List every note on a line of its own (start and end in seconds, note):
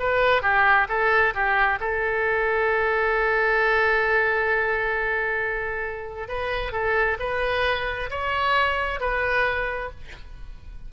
0.00 0.43 B4
0.43 0.88 G4
0.89 1.34 A4
1.35 1.80 G4
1.81 6.29 A4
6.29 6.73 B4
6.73 7.18 A4
7.20 8.10 B4
8.11 9.01 C#5
9.01 9.91 B4